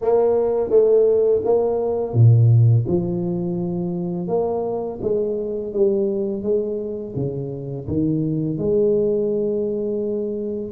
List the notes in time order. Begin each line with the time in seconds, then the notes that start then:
0.01 A#3
0.70 A3
1.44 A#3
2.13 A#2
2.87 F3
4.27 A#3
5.01 G#3
5.72 G3
6.42 G#3
7.15 C#3
7.87 D#3
8.58 G#3